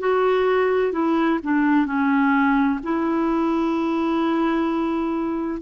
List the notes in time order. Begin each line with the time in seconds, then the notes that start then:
0.00 F#4
0.92 E4
1.44 D4
1.86 C#4
2.83 E4